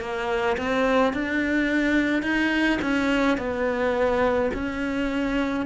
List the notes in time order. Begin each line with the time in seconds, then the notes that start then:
0.00 A#3
0.58 C4
1.13 D4
2.22 D#4
2.81 C#4
3.38 B3
4.54 C#4